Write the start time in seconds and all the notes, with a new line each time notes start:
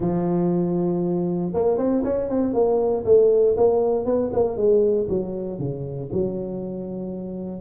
0.00 F3
1.53 A#3
1.77 C4
2.04 C#4
2.29 C4
2.53 A#3
3.05 A3
3.56 A#3
4.05 B3
4.32 A#3
4.56 G#3
5.08 F#3
5.59 C#3
6.12 F#3